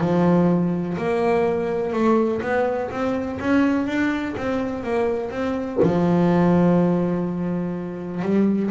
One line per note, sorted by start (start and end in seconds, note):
0.00 0.97 F3
0.97 1.93 A#3
1.93 2.41 A3
2.41 2.90 B3
2.90 3.39 C4
3.40 3.86 C#4
3.86 4.35 D4
4.37 4.83 C4
4.83 5.30 A#3
5.30 5.79 C4
5.82 8.22 F3
8.22 8.70 G3